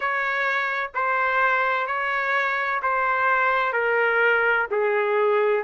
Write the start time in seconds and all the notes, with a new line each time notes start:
0.00 C#5
0.94 C5
1.87 C#5
2.82 C5
3.72 A#4
4.70 G#4